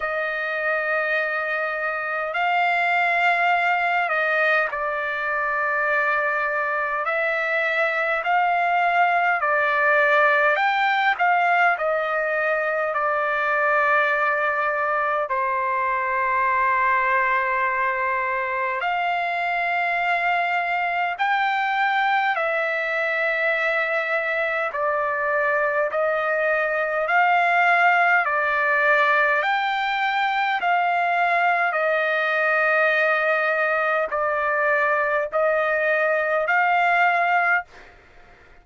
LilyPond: \new Staff \with { instrumentName = "trumpet" } { \time 4/4 \tempo 4 = 51 dis''2 f''4. dis''8 | d''2 e''4 f''4 | d''4 g''8 f''8 dis''4 d''4~ | d''4 c''2. |
f''2 g''4 e''4~ | e''4 d''4 dis''4 f''4 | d''4 g''4 f''4 dis''4~ | dis''4 d''4 dis''4 f''4 | }